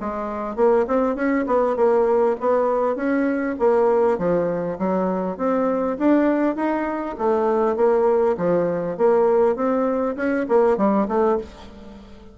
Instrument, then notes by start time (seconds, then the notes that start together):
bassoon
0.00 G#3
0.56 A#3
0.87 C4
1.15 C#4
1.46 B3
1.76 A#3
2.40 B3
2.96 C#4
3.59 A#3
4.18 F3
4.79 F#3
5.37 C4
5.98 D4
6.56 D#4
7.18 A3
7.76 A#3
8.37 F3
8.97 A#3
9.56 C4
10.16 C#4
10.48 A#3
10.77 G3
11.08 A3